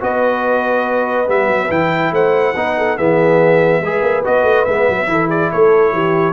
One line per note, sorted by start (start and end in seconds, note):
0.00 1.28 B3
0.00 1.27 F#4
0.00 2.14 B4
0.00 1.30 D#5
1.27 1.48 G3
1.27 1.69 B3
1.27 1.71 E5
1.48 1.69 F#3
1.70 2.12 E3
1.70 2.55 E4
1.70 2.14 G5
2.12 2.54 A3
2.12 2.55 C5
2.12 2.98 F#5
2.55 2.98 B3
2.55 2.99 D#4
2.55 2.76 B4
2.78 2.97 A4
2.97 3.81 E3
2.97 3.83 B3
2.97 3.81 G#4
2.97 4.24 E5
3.81 4.02 G#3
3.81 4.24 G#4
3.81 5.09 B4
4.02 4.23 A#3
4.24 4.43 B3
4.24 4.66 F#4
4.24 4.65 D#5
4.43 4.64 A3
4.65 4.88 G#3
4.65 5.07 B3
4.65 5.28 E5
4.89 5.08 F#3
5.07 5.51 E3
5.07 6.34 E4
5.07 5.28 A4
5.28 5.49 G#4
5.28 5.51 D5
5.52 5.92 A3
5.52 5.93 A4
5.52 6.34 C#5
5.92 6.34 E3
5.92 6.34 G4